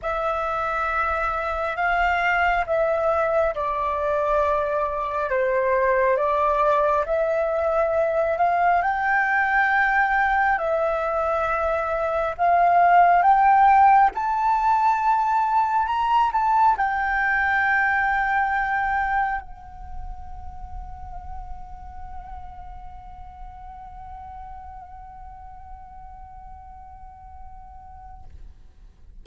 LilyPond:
\new Staff \with { instrumentName = "flute" } { \time 4/4 \tempo 4 = 68 e''2 f''4 e''4 | d''2 c''4 d''4 | e''4. f''8 g''2 | e''2 f''4 g''4 |
a''2 ais''8 a''8 g''4~ | g''2 fis''2~ | fis''1~ | fis''1 | }